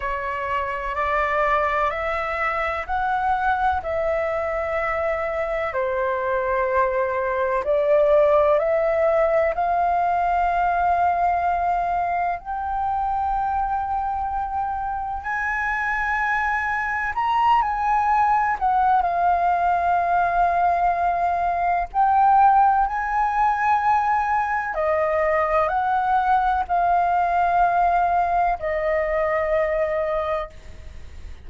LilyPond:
\new Staff \with { instrumentName = "flute" } { \time 4/4 \tempo 4 = 63 cis''4 d''4 e''4 fis''4 | e''2 c''2 | d''4 e''4 f''2~ | f''4 g''2. |
gis''2 ais''8 gis''4 fis''8 | f''2. g''4 | gis''2 dis''4 fis''4 | f''2 dis''2 | }